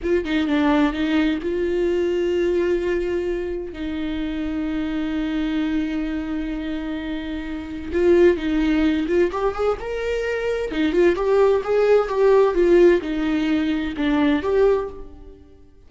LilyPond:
\new Staff \with { instrumentName = "viola" } { \time 4/4 \tempo 4 = 129 f'8 dis'8 d'4 dis'4 f'4~ | f'1 | dis'1~ | dis'1~ |
dis'4 f'4 dis'4. f'8 | g'8 gis'8 ais'2 dis'8 f'8 | g'4 gis'4 g'4 f'4 | dis'2 d'4 g'4 | }